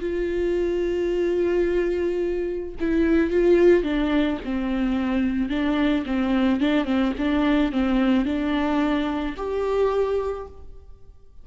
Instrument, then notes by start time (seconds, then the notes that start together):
viola
0.00 F4
2.80 E4
3.30 F4
3.83 D4
4.45 C4
5.49 D4
6.06 C4
6.60 D4
6.85 C4
7.18 D4
7.72 C4
8.25 D4
9.37 G4